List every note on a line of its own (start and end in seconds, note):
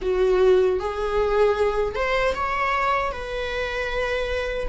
0.01 0.79 F#4
0.79 1.95 G#4
1.95 2.34 C5
2.34 3.12 C#5
3.12 4.68 B4